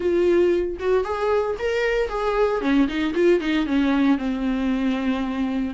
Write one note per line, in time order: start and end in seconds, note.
0.00 0.77 F4
0.79 1.03 F#4
1.03 1.56 G#4
1.58 2.08 A#4
2.08 2.61 G#4
2.61 2.87 C#4
2.88 3.14 D#4
3.14 3.40 F4
3.40 3.66 D#4
3.66 4.18 C#4
4.18 5.74 C4